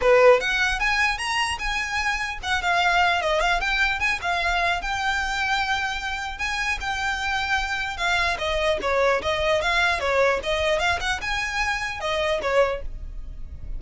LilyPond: \new Staff \with { instrumentName = "violin" } { \time 4/4 \tempo 4 = 150 b'4 fis''4 gis''4 ais''4 | gis''2 fis''8 f''4. | dis''8 f''8 g''4 gis''8 f''4. | g''1 |
gis''4 g''2. | f''4 dis''4 cis''4 dis''4 | f''4 cis''4 dis''4 f''8 fis''8 | gis''2 dis''4 cis''4 | }